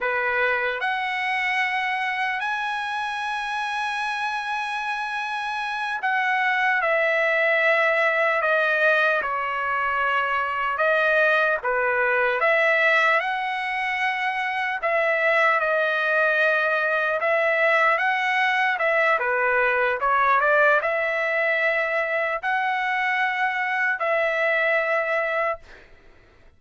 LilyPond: \new Staff \with { instrumentName = "trumpet" } { \time 4/4 \tempo 4 = 75 b'4 fis''2 gis''4~ | gis''2.~ gis''8 fis''8~ | fis''8 e''2 dis''4 cis''8~ | cis''4. dis''4 b'4 e''8~ |
e''8 fis''2 e''4 dis''8~ | dis''4. e''4 fis''4 e''8 | b'4 cis''8 d''8 e''2 | fis''2 e''2 | }